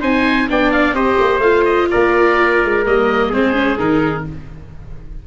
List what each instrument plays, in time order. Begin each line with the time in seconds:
0.00 tuba C4, viola D#4, trumpet C5, oboe G#5
0.49 tuba B3, viola D4, trumpet D5, oboe G5
0.71 oboe F5
0.93 tuba C4, viola G4, trumpet C5, oboe D#5
1.19 tuba A#3
1.39 tuba A3, viola F4, oboe F5
1.65 oboe D#5
1.90 tuba A#3, trumpet A#4, oboe D5
2.64 tuba G#3
2.85 tuba G3, viola A#3, oboe D#5
3.29 tuba G#3, viola C4, trumpet G#4, oboe C5
3.53 viola C#4
3.78 tuba D#3, viola D#4, oboe A#4